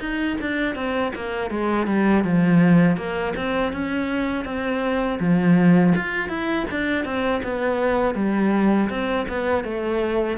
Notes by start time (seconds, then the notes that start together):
0.00 D#4
0.41 D4
0.75 C4
1.15 A#3
1.50 G#3
1.87 G3
2.24 F3
2.97 A#3
3.36 C4
3.72 C#4
4.45 C4
5.20 F3
5.95 F4
6.29 E4
6.71 D4
7.05 C4
7.43 B3
8.15 G3
8.90 C4
9.28 B3
9.64 A3